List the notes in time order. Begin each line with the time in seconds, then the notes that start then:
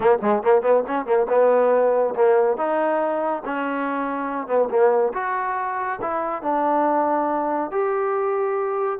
0.00 A#3
0.21 G#3
0.42 A#3
0.62 B3
0.87 C#4
1.05 A#3
1.29 B3
2.15 A#3
2.57 D#4
3.45 C#4
4.47 B3
4.70 A#3
5.13 F#4
6.01 E4
6.42 D4
7.71 G4